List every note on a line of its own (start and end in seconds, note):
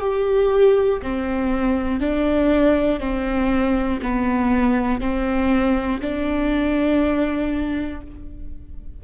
0.00 1.00 G4
1.02 2.00 C4
2.00 3.00 D4
3.00 4.00 C4
4.02 5.00 B3
5.00 6.00 C4
6.01 8.01 D4